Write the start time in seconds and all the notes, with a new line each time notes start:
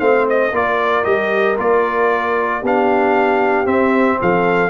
0.00 A3 C4 C5 F5
0.30 D#5
0.52 A#3 F4 A#4 D5
1.04 G3 G4 D#5
1.58 A#3 F4 D5
2.61 B3 D4 G4 F5
3.66 C4 E5
4.21 F3 A4 F5